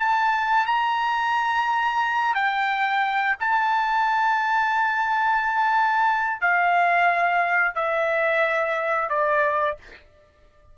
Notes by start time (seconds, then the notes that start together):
0.00 A5
0.66 A#5
2.35 G5
3.40 A5
6.41 F5
7.76 E5
9.10 D5